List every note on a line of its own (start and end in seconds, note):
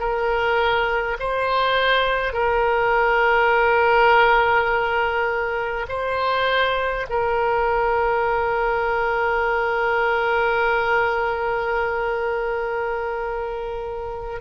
0.00 1.18 A#4
1.20 2.34 C5
2.34 5.87 A#4
5.89 7.07 C5
7.10 14.42 A#4